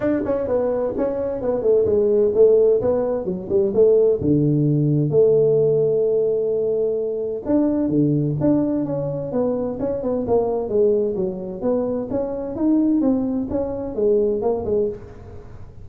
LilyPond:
\new Staff \with { instrumentName = "tuba" } { \time 4/4 \tempo 4 = 129 d'8 cis'8 b4 cis'4 b8 a8 | gis4 a4 b4 fis8 g8 | a4 d2 a4~ | a1 |
d'4 d4 d'4 cis'4 | b4 cis'8 b8 ais4 gis4 | fis4 b4 cis'4 dis'4 | c'4 cis'4 gis4 ais8 gis8 | }